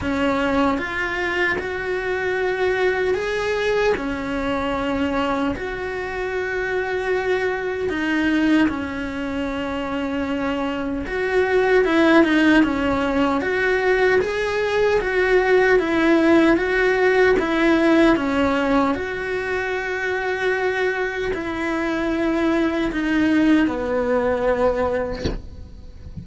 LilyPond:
\new Staff \with { instrumentName = "cello" } { \time 4/4 \tempo 4 = 76 cis'4 f'4 fis'2 | gis'4 cis'2 fis'4~ | fis'2 dis'4 cis'4~ | cis'2 fis'4 e'8 dis'8 |
cis'4 fis'4 gis'4 fis'4 | e'4 fis'4 e'4 cis'4 | fis'2. e'4~ | e'4 dis'4 b2 | }